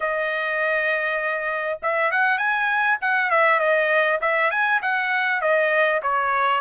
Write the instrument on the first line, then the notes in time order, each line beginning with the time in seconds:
trumpet
0.00 D#5
1.82 E5
2.11 F#5
2.38 G#5
3.01 F#5
3.30 E5
3.59 D#5
4.21 E5
4.50 G#5
4.82 F#5
5.41 D#5
6.02 C#5